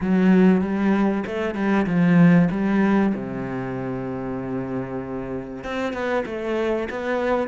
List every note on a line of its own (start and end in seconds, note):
0.00 0.61 F#3
0.61 1.23 G3
1.26 1.54 A3
1.54 1.86 G3
1.86 2.48 F3
2.50 3.13 G3
3.14 5.64 C3
5.64 5.93 C4
5.93 6.24 B3
6.26 6.88 A3
6.89 7.48 B3